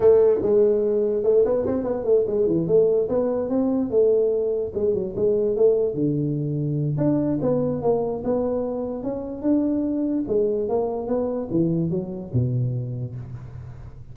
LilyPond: \new Staff \with { instrumentName = "tuba" } { \time 4/4 \tempo 4 = 146 a4 gis2 a8 b8 | c'8 b8 a8 gis8 e8 a4 b8~ | b8 c'4 a2 gis8 | fis8 gis4 a4 d4.~ |
d4 d'4 b4 ais4 | b2 cis'4 d'4~ | d'4 gis4 ais4 b4 | e4 fis4 b,2 | }